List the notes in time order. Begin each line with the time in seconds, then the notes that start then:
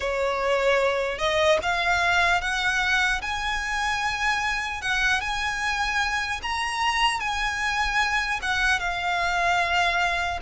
0.00 C#5
1.18 D#5
1.62 F5
2.41 F#5
3.21 G#5
4.81 F#5
5.20 G#5
6.42 A#5
7.20 G#5
8.41 F#5
8.79 F5